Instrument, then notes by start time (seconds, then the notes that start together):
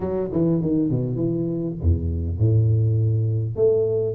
tuba
0.00 F#3
0.32 E3
0.61 D#3
0.89 B2
1.16 E3
1.81 E2
2.38 A2
3.56 A3